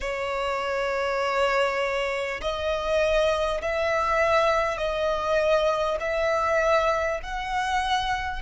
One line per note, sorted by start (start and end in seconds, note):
0.01 2.41 C#5
2.41 3.61 D#5
3.61 4.77 E5
4.77 5.97 D#5
6.00 7.20 E5
7.22 8.41 F#5